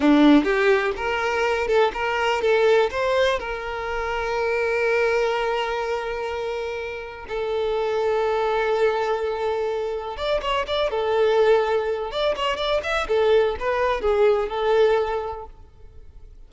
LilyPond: \new Staff \with { instrumentName = "violin" } { \time 4/4 \tempo 4 = 124 d'4 g'4 ais'4. a'8 | ais'4 a'4 c''4 ais'4~ | ais'1~ | ais'2. a'4~ |
a'1~ | a'4 d''8 cis''8 d''8 a'4.~ | a'4 d''8 cis''8 d''8 e''8 a'4 | b'4 gis'4 a'2 | }